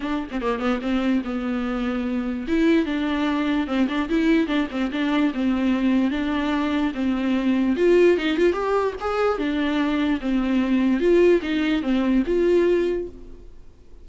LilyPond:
\new Staff \with { instrumentName = "viola" } { \time 4/4 \tempo 4 = 147 d'8. c'16 ais8 b8 c'4 b4~ | b2 e'4 d'4~ | d'4 c'8 d'8 e'4 d'8 c'8 | d'4 c'2 d'4~ |
d'4 c'2 f'4 | dis'8 f'8 g'4 gis'4 d'4~ | d'4 c'2 f'4 | dis'4 c'4 f'2 | }